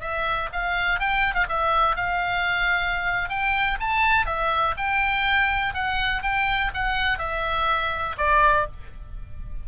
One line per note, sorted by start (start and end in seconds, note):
0.00 0.49 E5
0.52 0.99 F5
0.99 1.34 G5
1.34 1.46 F5
1.48 1.96 E5
1.96 3.29 F5
3.29 3.78 G5
3.80 4.26 A5
4.26 4.74 E5
4.77 5.74 G5
5.74 6.22 F#5
6.22 6.71 G5
6.74 7.18 F#5
7.18 8.16 E5
8.17 8.66 D5